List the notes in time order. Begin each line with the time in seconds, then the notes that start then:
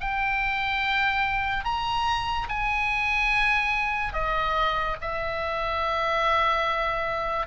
0.00 G5
1.64 A#5
2.48 G#5
4.13 D#5
5.01 E5